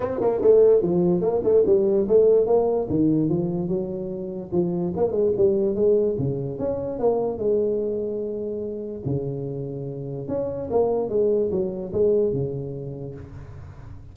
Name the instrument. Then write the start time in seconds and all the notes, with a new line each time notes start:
tuba
0.00 C4
0.20 A#3
0.41 A3
0.81 F3
1.21 A#3
1.43 A3
1.66 G3
2.08 A3
2.46 A#3
2.89 D#3
3.29 F3
3.68 F#3
4.51 F3
4.96 A#3
5.11 G#3
5.36 G3
5.75 G#3
6.18 C#3
6.58 C#4
6.99 A#3
7.37 G#3
9.05 C#3
10.28 C#4
10.70 A#3
11.09 G#3
11.51 F#3
11.92 G#3
12.32 C#3